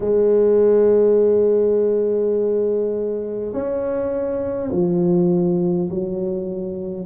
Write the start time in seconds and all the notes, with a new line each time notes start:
0.00 G#3
3.52 C#4
4.71 F3
5.90 F#3